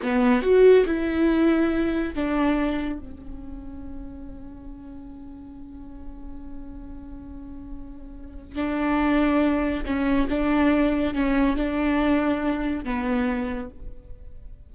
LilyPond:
\new Staff \with { instrumentName = "viola" } { \time 4/4 \tempo 4 = 140 b4 fis'4 e'2~ | e'4 d'2 cis'4~ | cis'1~ | cis'1~ |
cis'1 | d'2. cis'4 | d'2 cis'4 d'4~ | d'2 b2 | }